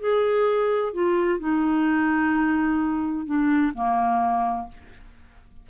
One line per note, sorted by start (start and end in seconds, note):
0.00 0.94 G#4
0.94 1.40 F4
1.40 3.26 D#4
3.26 3.73 D4
3.75 4.68 A#3